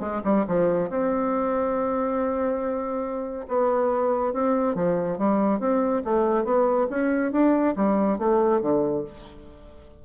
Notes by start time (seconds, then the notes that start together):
0.00 G#3
0.24 G3
0.47 F3
0.90 C4
3.48 B3
4.33 C4
4.75 F3
5.18 G3
5.60 C4
6.04 A3
6.45 B3
6.90 C#4
7.32 D4
7.76 G3
8.18 A3
8.61 D3